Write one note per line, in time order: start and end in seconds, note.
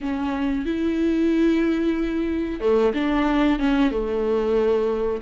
0.00 0.65 C#4
0.65 2.60 E4
2.60 2.93 A3
2.93 3.59 D4
3.59 3.91 C#4
3.91 5.21 A3